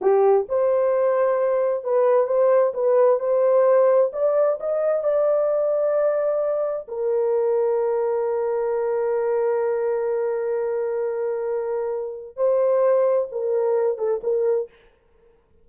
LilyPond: \new Staff \with { instrumentName = "horn" } { \time 4/4 \tempo 4 = 131 g'4 c''2. | b'4 c''4 b'4 c''4~ | c''4 d''4 dis''4 d''4~ | d''2. ais'4~ |
ais'1~ | ais'1~ | ais'2. c''4~ | c''4 ais'4. a'8 ais'4 | }